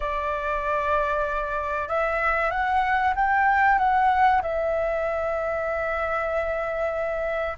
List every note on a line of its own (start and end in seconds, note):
0.00 1.88 D5
1.88 2.50 E5
2.50 3.13 F#5
3.15 3.78 G5
3.78 4.41 F#5
4.42 7.57 E5